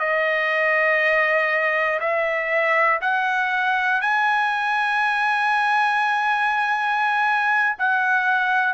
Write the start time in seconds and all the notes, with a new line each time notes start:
0.00 D#5
2.01 E5
3.02 F#5
4.02 G#5
7.79 F#5